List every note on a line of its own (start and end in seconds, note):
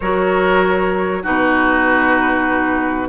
0.00 1.24 F#3
0.00 1.23 F#4
0.00 1.22 A#4
0.00 1.23 C#5
1.22 3.08 B2
1.22 3.08 D#4
1.22 3.08 F#4
1.22 3.08 B4